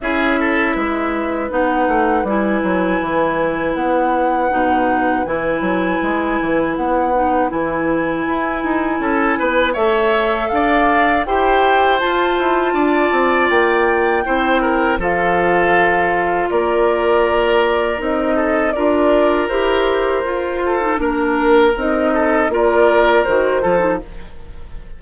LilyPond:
<<
  \new Staff \with { instrumentName = "flute" } { \time 4/4 \tempo 4 = 80 e''2 fis''4 gis''4~ | gis''4 fis''2 gis''4~ | gis''4 fis''4 gis''2~ | gis''4 e''4 f''4 g''4 |
a''2 g''2 | f''2 d''2 | dis''4 d''4 c''2 | ais'4 dis''4 d''4 c''4 | }
  \new Staff \with { instrumentName = "oboe" } { \time 4/4 gis'8 a'8 b'2.~ | b'1~ | b'1 | a'8 b'8 cis''4 d''4 c''4~ |
c''4 d''2 c''8 ais'8 | a'2 ais'2~ | ais'8 a'8 ais'2~ ais'8 a'8 | ais'4. a'8 ais'4. a'8 | }
  \new Staff \with { instrumentName = "clarinet" } { \time 4/4 e'2 dis'4 e'4~ | e'2 dis'4 e'4~ | e'4. dis'8 e'2~ | e'4 a'2 g'4 |
f'2. e'4 | f'1 | dis'4 f'4 g'4 f'8. dis'16 | d'4 dis'4 f'4 fis'8 f'16 dis'16 | }
  \new Staff \with { instrumentName = "bassoon" } { \time 4/4 cis'4 gis4 b8 a8 g8 fis8 | e4 b4 b,4 e8 fis8 | gis8 e8 b4 e4 e'8 dis'8 | cis'8 b8 a4 d'4 e'4 |
f'8 e'8 d'8 c'8 ais4 c'4 | f2 ais2 | c'4 d'4 e'4 f'4 | ais4 c'4 ais4 dis8 f8 | }
>>